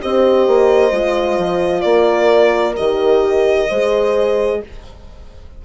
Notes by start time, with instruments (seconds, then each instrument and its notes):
0.00 bassoon C4, horn G4 C5, violin D#5
0.47 bassoon A#3
0.91 bassoon G#3, horn F4
1.38 bassoon F3
1.81 bassoon A#3, horn A#4, violin D5
2.76 bassoon D#3, horn G4, violin D#5
3.68 bassoon G#3, horn G#4 C5